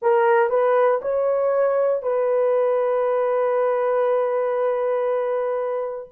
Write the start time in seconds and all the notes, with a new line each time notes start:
0.02 A#4
0.49 B4
1.01 C#5
2.02 B4